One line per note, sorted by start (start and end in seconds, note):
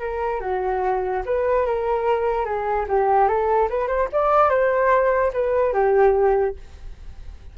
0.00 0.41 A#4
0.41 1.23 F#4
1.26 1.66 B4
1.66 2.45 A#4
2.45 2.86 G#4
2.89 3.28 G4
3.28 3.69 A4
3.70 3.88 B4
3.88 4.09 C5
4.13 4.50 D5
4.50 5.32 C5
5.33 5.73 B4
5.73 6.56 G4